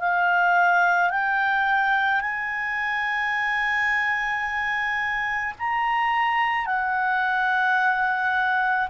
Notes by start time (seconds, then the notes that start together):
0.00 F5
1.11 G5
2.21 G#5
5.59 A#5
6.66 F#5